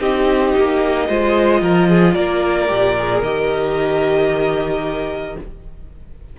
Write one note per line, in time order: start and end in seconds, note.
0.00 0.54 C4
0.00 1.08 D#4
0.00 1.08 G4
0.00 2.15 D#5
0.57 1.09 A#3
1.08 1.62 G#3
1.08 2.68 F4
1.08 1.61 C5
1.62 2.15 F3
1.62 1.88 A#4
1.88 2.15 G#4
2.15 2.69 A#3
2.15 5.36 A#4
2.15 3.22 D5
2.68 3.22 A#2
2.68 2.95 G4
2.99 3.25 G#4
3.22 5.36 D#3
3.22 5.39 G4
3.22 5.37 D#5